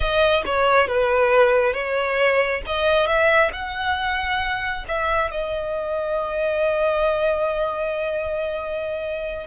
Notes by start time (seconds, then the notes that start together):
0.00 D#5
0.45 C#5
0.87 B4
1.73 C#5
2.66 D#5
3.06 E5
3.53 F#5
4.88 E5
5.31 D#5